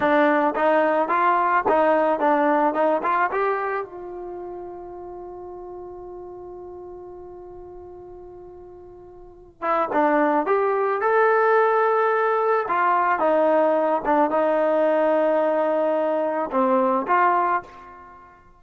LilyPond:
\new Staff \with { instrumentName = "trombone" } { \time 4/4 \tempo 4 = 109 d'4 dis'4 f'4 dis'4 | d'4 dis'8 f'8 g'4 f'4~ | f'1~ | f'1~ |
f'4. e'8 d'4 g'4 | a'2. f'4 | dis'4. d'8 dis'2~ | dis'2 c'4 f'4 | }